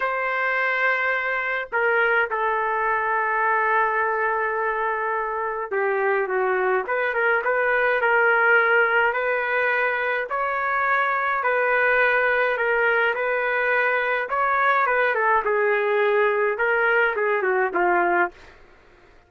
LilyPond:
\new Staff \with { instrumentName = "trumpet" } { \time 4/4 \tempo 4 = 105 c''2. ais'4 | a'1~ | a'2 g'4 fis'4 | b'8 ais'8 b'4 ais'2 |
b'2 cis''2 | b'2 ais'4 b'4~ | b'4 cis''4 b'8 a'8 gis'4~ | gis'4 ais'4 gis'8 fis'8 f'4 | }